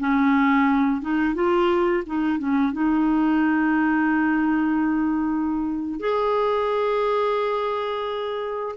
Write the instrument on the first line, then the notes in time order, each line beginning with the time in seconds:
clarinet
0.00 C#4
1.02 D#4
1.35 F4
2.07 D#4
2.39 C#4
2.73 D#4
6.00 G#4